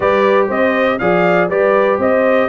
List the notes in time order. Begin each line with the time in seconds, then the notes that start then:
0.00 G3 G4 B4 D5
0.47 C4 C5 D#5
0.98 F3 G#4 D5 F5
1.49 G3 G4 B4 D5
1.98 C4 C5 D#5